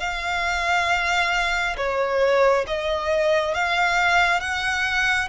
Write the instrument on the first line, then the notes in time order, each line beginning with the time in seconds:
violin
0.00 F5
1.77 C#5
2.67 D#5
3.55 F5
4.40 F#5